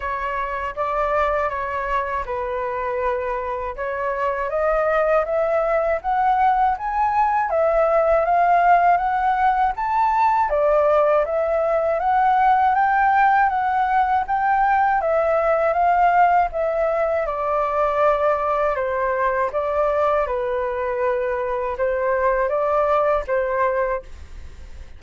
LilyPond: \new Staff \with { instrumentName = "flute" } { \time 4/4 \tempo 4 = 80 cis''4 d''4 cis''4 b'4~ | b'4 cis''4 dis''4 e''4 | fis''4 gis''4 e''4 f''4 | fis''4 a''4 d''4 e''4 |
fis''4 g''4 fis''4 g''4 | e''4 f''4 e''4 d''4~ | d''4 c''4 d''4 b'4~ | b'4 c''4 d''4 c''4 | }